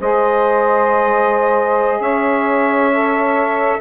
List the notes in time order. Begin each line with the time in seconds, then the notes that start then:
0.00 G#3 G#4 C5 D#5
1.99 C#4 C#5 E5
2.92 A4